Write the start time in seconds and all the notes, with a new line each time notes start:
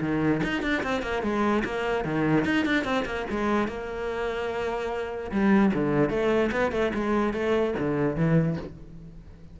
0.00 D#3
0.43 D#4
0.62 D4
0.83 C4
1.02 A#3
1.22 G#3
1.64 A#3
2.04 D#3
2.45 D#4
2.65 D4
2.84 C4
3.05 A#3
3.30 G#3
3.67 A#3
5.31 G3
5.73 D3
6.09 A3
6.52 B3
6.71 A3
6.94 G#3
7.33 A3
7.79 D3
8.15 E3